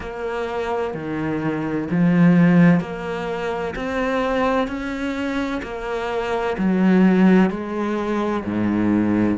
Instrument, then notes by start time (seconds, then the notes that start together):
cello
0.00 A#3
0.94 D#3
1.90 F3
2.80 A#3
3.75 C4
4.67 C#4
5.62 A#3
6.58 F#3
7.50 G#3
8.44 G#2